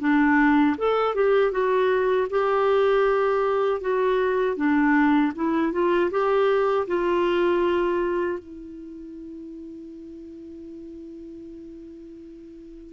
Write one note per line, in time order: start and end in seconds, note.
0.00 0.76 D4
0.78 1.15 A4
1.15 1.52 G4
1.52 2.28 F#4
2.30 3.81 G4
3.81 4.57 F#4
4.57 5.33 D4
5.35 5.72 E4
5.72 6.10 F4
6.11 6.87 G4
6.87 8.39 F4
8.39 12.93 E4